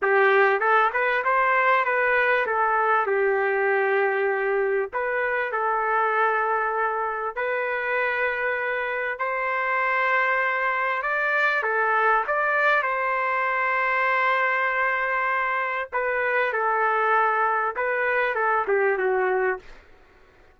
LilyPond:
\new Staff \with { instrumentName = "trumpet" } { \time 4/4 \tempo 4 = 98 g'4 a'8 b'8 c''4 b'4 | a'4 g'2. | b'4 a'2. | b'2. c''4~ |
c''2 d''4 a'4 | d''4 c''2.~ | c''2 b'4 a'4~ | a'4 b'4 a'8 g'8 fis'4 | }